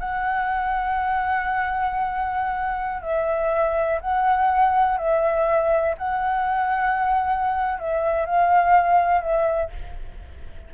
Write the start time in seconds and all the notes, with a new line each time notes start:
0.00 F#5
3.02 E5
4.01 F#5
4.98 E5
5.98 F#5
7.80 E5
8.26 F5
9.22 E5